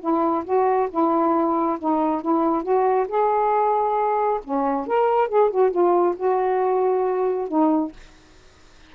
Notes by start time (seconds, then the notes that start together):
0.00 E4
0.45 F#4
0.90 E4
1.79 D#4
2.22 E4
2.63 F#4
3.08 G#4
4.44 C#4
4.87 A#4
5.28 G#4
5.50 F#4
5.71 F4
6.17 F#4
7.48 D#4